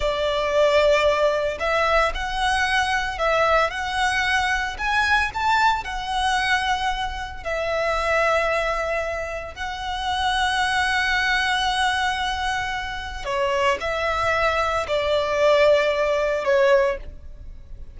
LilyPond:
\new Staff \with { instrumentName = "violin" } { \time 4/4 \tempo 4 = 113 d''2. e''4 | fis''2 e''4 fis''4~ | fis''4 gis''4 a''4 fis''4~ | fis''2 e''2~ |
e''2 fis''2~ | fis''1~ | fis''4 cis''4 e''2 | d''2. cis''4 | }